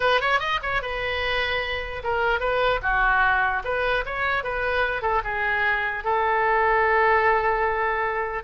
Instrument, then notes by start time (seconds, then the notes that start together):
oboe
0.00 B4
0.20 C#5
0.39 D#5
0.62 C#5
0.82 B4
2.03 A#4
2.39 B4
2.82 F#4
3.64 B4
4.05 C#5
4.43 B4
5.02 A4
5.23 G#4
6.04 A4